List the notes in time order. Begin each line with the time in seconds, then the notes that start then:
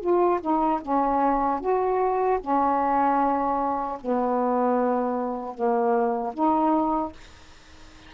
0.00 F4
0.41 D#4
0.81 C#4
1.60 F#4
2.40 C#4
4.00 B3
5.54 A#3
6.33 D#4